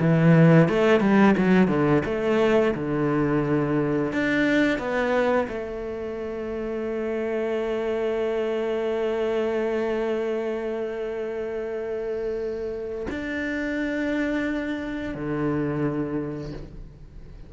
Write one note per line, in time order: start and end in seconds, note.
0.00 0.69 E3
0.69 1.00 A3
1.00 1.35 G3
1.38 1.68 F#3
1.68 2.03 D3
2.05 2.74 A3
2.75 4.13 D3
4.13 4.79 D4
4.79 5.48 B3
5.48 13.07 A3
13.10 15.14 D4
15.14 16.52 D3